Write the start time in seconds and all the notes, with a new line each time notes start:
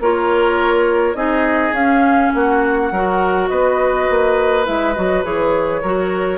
0.00 A#3 F4 A#4 C#5
1.15 C4 D#4 G#4 D#5
1.71 C#4 F5
1.78 C#4
2.34 A#3 F#4 F#5
2.91 F#3 F#4 A#4
3.48 B3 B4 D#5
4.10 A#3
4.65 G#3 E4 E5
4.94 F#3 F#4 D#5
5.24 E3 G#4 C#5
5.82 F#3 F#4 A#4